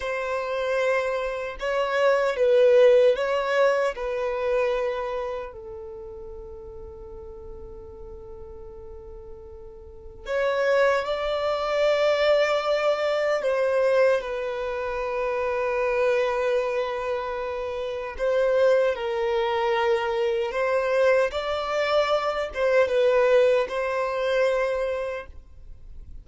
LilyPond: \new Staff \with { instrumentName = "violin" } { \time 4/4 \tempo 4 = 76 c''2 cis''4 b'4 | cis''4 b'2 a'4~ | a'1~ | a'4 cis''4 d''2~ |
d''4 c''4 b'2~ | b'2. c''4 | ais'2 c''4 d''4~ | d''8 c''8 b'4 c''2 | }